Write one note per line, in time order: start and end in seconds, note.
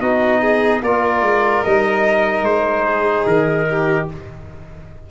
0.00 0.81 B3
0.00 0.82 D#4
0.00 0.41 F#4
0.00 0.81 D#5
0.41 0.81 G#4
0.82 1.21 A#3
0.82 1.64 F4
0.82 2.85 A#4
0.82 1.64 D5
1.21 1.62 G#3
1.64 2.42 G3
1.64 4.08 D#4
1.64 2.44 D#5
2.42 3.23 G#3
2.42 3.25 C5
2.85 3.66 G#4
3.26 4.08 D#3
3.26 4.07 A#4
3.69 4.10 G4